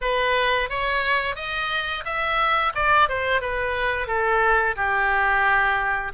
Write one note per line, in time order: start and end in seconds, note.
0.01 0.69 B4
0.69 1.35 C#5
1.35 2.03 D#5
2.05 2.73 E5
2.74 3.08 D5
3.08 3.41 C5
3.41 4.07 B4
4.07 4.75 A4
4.75 6.12 G4